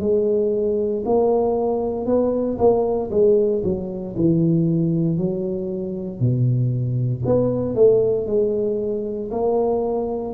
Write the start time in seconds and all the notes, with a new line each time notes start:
0.00 G#3
1.05 A#3
2.06 B3
2.58 A#3
3.10 G#3
3.64 F#3
4.16 E3
5.18 F#3
6.20 B2
7.26 B3
7.75 A3
8.27 G#3
9.31 A#3